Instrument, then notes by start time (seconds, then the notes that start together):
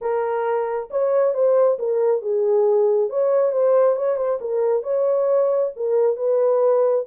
horn
0.01 A#4
0.90 C#5
1.34 C5
1.78 A#4
2.21 G#4
3.09 C#5
3.52 C5
3.95 C#5
4.16 C5
4.40 A#4
4.82 C#5
5.76 A#4
6.16 B4